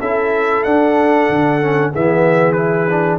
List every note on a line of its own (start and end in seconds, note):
0.00 0.64 C#4
0.00 0.66 E4
0.00 1.92 A4
0.00 0.64 E5
0.64 1.29 D4
0.64 1.61 D4
0.64 1.91 F#5
1.29 1.93 D3
1.61 1.93 C#4
1.92 3.19 E3
1.92 2.56 B3
1.92 3.19 G#4
1.92 2.52 E5
2.52 2.88 E4
2.52 3.16 B4
2.90 3.19 D4